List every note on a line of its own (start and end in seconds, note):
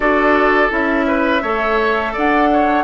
0.00 0.70 D4
0.00 0.69 F#4
0.00 1.05 A4
0.00 0.71 D5
0.69 1.43 C#4
0.69 1.41 E4
0.69 2.15 E5
1.07 1.42 B4
1.42 2.14 A3
1.42 2.84 A4
1.42 2.12 C#5
2.12 2.84 D4
2.12 2.48 D5
2.12 2.84 F#5
2.52 2.84 C#5